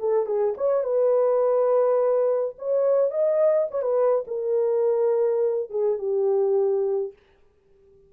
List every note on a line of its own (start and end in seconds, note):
0.00 0.26 A4
0.26 0.55 G#4
0.57 0.84 C#5
0.84 2.55 B4
2.58 3.11 C#5
3.11 3.68 D#5
3.71 3.82 C#5
3.82 4.25 B4
4.28 5.70 A#4
5.70 5.99 G#4
5.99 7.13 G4